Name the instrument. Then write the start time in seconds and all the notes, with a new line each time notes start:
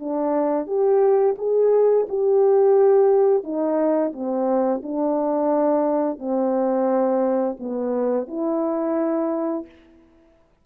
horn
0.00 D4
0.67 G4
1.38 G#4
2.09 G4
3.44 D#4
4.13 C4
4.83 D4
6.19 C4
7.60 B3
8.28 E4